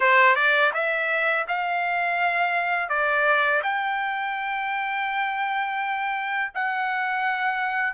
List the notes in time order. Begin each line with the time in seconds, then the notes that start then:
0.00 C5
0.35 D5
0.73 E5
1.48 F5
2.89 D5
3.62 G5
6.54 F#5